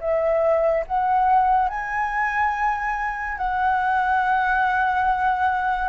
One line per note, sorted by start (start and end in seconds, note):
0.00 0.85 E5
0.87 1.69 F#5
1.69 3.38 G#5
3.38 5.89 F#5